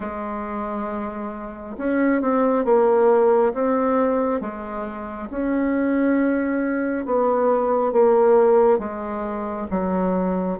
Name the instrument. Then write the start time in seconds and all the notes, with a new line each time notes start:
bassoon
0.00 G#3
1.77 C#4
2.21 C4
2.65 A#3
3.53 C4
4.40 G#3
5.30 C#4
7.05 B3
7.92 A#3
8.78 G#3
9.70 F#3